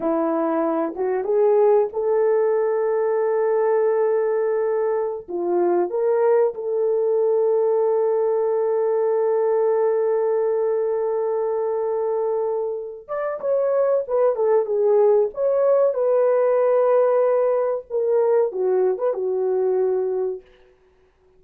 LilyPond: \new Staff \with { instrumentName = "horn" } { \time 4/4 \tempo 4 = 94 e'4. fis'8 gis'4 a'4~ | a'1~ | a'16 f'4 ais'4 a'4.~ a'16~ | a'1~ |
a'1~ | a'8 d''8 cis''4 b'8 a'8 gis'4 | cis''4 b'2. | ais'4 fis'8. b'16 fis'2 | }